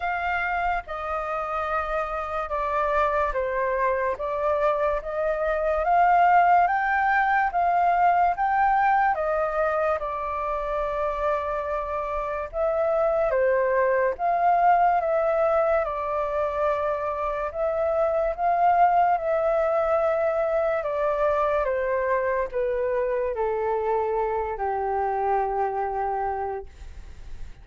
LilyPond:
\new Staff \with { instrumentName = "flute" } { \time 4/4 \tempo 4 = 72 f''4 dis''2 d''4 | c''4 d''4 dis''4 f''4 | g''4 f''4 g''4 dis''4 | d''2. e''4 |
c''4 f''4 e''4 d''4~ | d''4 e''4 f''4 e''4~ | e''4 d''4 c''4 b'4 | a'4. g'2~ g'8 | }